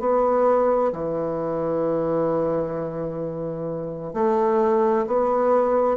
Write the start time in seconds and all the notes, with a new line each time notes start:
0.00 B3
0.93 E3
4.14 A3
5.07 B3